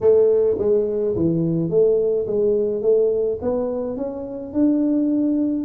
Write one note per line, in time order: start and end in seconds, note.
0.00 0.57 A3
0.58 1.15 G#3
1.15 1.70 E3
1.70 2.26 A3
2.26 2.81 G#3
2.81 3.38 A3
3.41 3.96 B3
3.96 4.53 C#4
4.53 5.64 D4